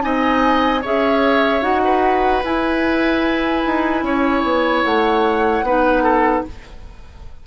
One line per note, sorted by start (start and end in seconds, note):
0.00 0.84 C4
0.00 0.80 D#4
0.00 0.81 D#5
0.00 0.82 G#5
0.81 1.62 C#4
0.81 1.61 G#4
0.81 1.81 C#5
0.81 1.63 E5
1.61 2.42 D#4
1.61 2.41 F#4
1.61 2.43 F#5
1.84 4.04 B4
2.44 3.64 E4
2.44 5.64 E4
2.44 4.84 G#5
3.66 4.02 D#4
4.02 4.42 C#4
4.02 5.65 C#5
4.43 4.83 B3
4.84 5.62 A3
4.84 6.44 F#5
5.62 6.42 B3
5.62 6.46 D#4
5.62 6.03 B4
6.03 6.43 A4